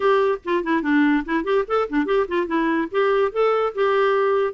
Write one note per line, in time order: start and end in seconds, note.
0.00 0.38 G4
0.45 0.63 F4
0.63 0.82 E4
0.82 1.23 D4
1.25 1.44 E4
1.44 1.64 G4
1.67 1.88 A4
1.89 2.05 D4
2.05 2.26 G4
2.28 2.47 F4
2.47 2.88 E4
2.91 3.31 G4
3.31 3.73 A4
3.74 4.54 G4